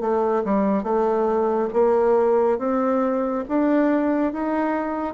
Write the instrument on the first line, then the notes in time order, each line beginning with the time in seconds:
bassoon
0.00 A3
0.44 G3
0.83 A3
1.73 A#3
2.58 C4
3.48 D4
4.32 D#4